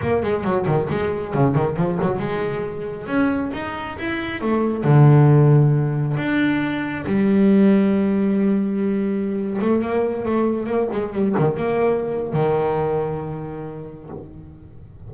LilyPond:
\new Staff \with { instrumentName = "double bass" } { \time 4/4 \tempo 4 = 136 ais8 gis8 fis8 dis8 gis4 cis8 dis8 | f8 fis8 gis2 cis'4 | dis'4 e'4 a4 d4~ | d2 d'2 |
g1~ | g4.~ g16 a8 ais4 a8.~ | a16 ais8 gis8 g8 dis8 ais4.~ ais16 | dis1 | }